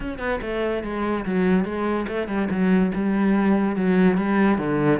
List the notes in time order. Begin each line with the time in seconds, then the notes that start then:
0.00 C#4
0.19 B3
0.41 A3
0.83 G#3
1.25 F#3
1.65 G#3
2.08 A3
2.27 G3
2.50 F#3
2.94 G3
3.76 F#3
4.17 G3
4.58 D3